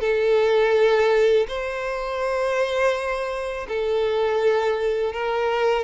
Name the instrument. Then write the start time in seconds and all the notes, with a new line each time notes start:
violin
0.00 A4
1.48 C5
3.68 A4
5.13 A#4